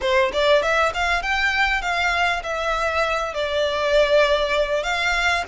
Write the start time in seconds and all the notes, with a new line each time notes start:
0.01 C5
0.33 D5
0.62 E5
0.94 F5
1.22 G5
1.81 F5
2.43 E5
3.33 D5
4.83 F5